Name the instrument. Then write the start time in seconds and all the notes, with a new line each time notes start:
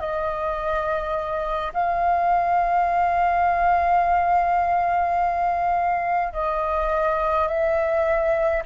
flute
0.00 D#5
1.74 F5
6.33 D#5
7.48 E5